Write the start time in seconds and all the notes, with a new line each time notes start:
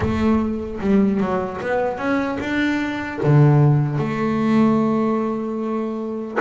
0.00 A3
0.80 G3
1.20 F#3
1.61 B3
1.98 C#4
2.39 D4
3.23 D3
3.98 A3